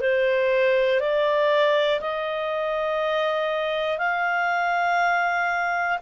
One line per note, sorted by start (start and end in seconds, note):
0.00 1.00 C5
1.00 2.00 D5
2.00 3.98 D#5
3.98 5.98 F5